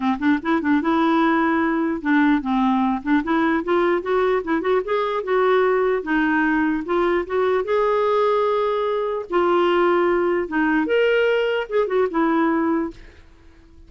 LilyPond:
\new Staff \with { instrumentName = "clarinet" } { \time 4/4 \tempo 4 = 149 c'8 d'8 e'8 d'8 e'2~ | e'4 d'4 c'4. d'8 | e'4 f'4 fis'4 e'8 fis'8 | gis'4 fis'2 dis'4~ |
dis'4 f'4 fis'4 gis'4~ | gis'2. f'4~ | f'2 dis'4 ais'4~ | ais'4 gis'8 fis'8 e'2 | }